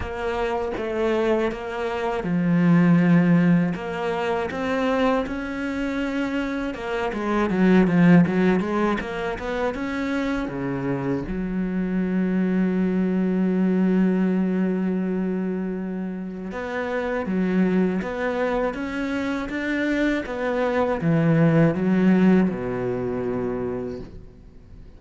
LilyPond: \new Staff \with { instrumentName = "cello" } { \time 4/4 \tempo 4 = 80 ais4 a4 ais4 f4~ | f4 ais4 c'4 cis'4~ | cis'4 ais8 gis8 fis8 f8 fis8 gis8 | ais8 b8 cis'4 cis4 fis4~ |
fis1~ | fis2 b4 fis4 | b4 cis'4 d'4 b4 | e4 fis4 b,2 | }